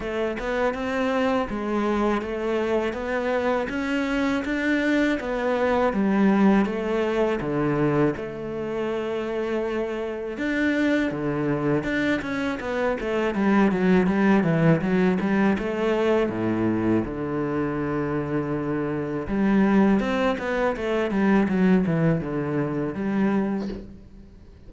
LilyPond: \new Staff \with { instrumentName = "cello" } { \time 4/4 \tempo 4 = 81 a8 b8 c'4 gis4 a4 | b4 cis'4 d'4 b4 | g4 a4 d4 a4~ | a2 d'4 d4 |
d'8 cis'8 b8 a8 g8 fis8 g8 e8 | fis8 g8 a4 a,4 d4~ | d2 g4 c'8 b8 | a8 g8 fis8 e8 d4 g4 | }